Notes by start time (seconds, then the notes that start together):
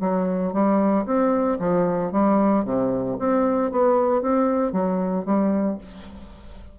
0.00 F#3
0.53 G3
1.06 C4
1.59 F3
2.12 G3
2.65 C3
3.19 C4
3.71 B3
4.22 C4
4.72 F#3
5.25 G3